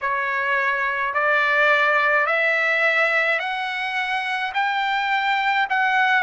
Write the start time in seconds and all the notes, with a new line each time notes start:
0.01 C#5
1.14 D5
2.26 E5
3.39 F#5
4.53 G5
5.69 F#5